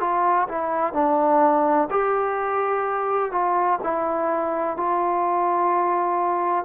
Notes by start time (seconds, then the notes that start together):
0.00 F4
0.48 E4
0.94 D4
1.90 G4
3.32 F4
3.84 E4
4.77 F4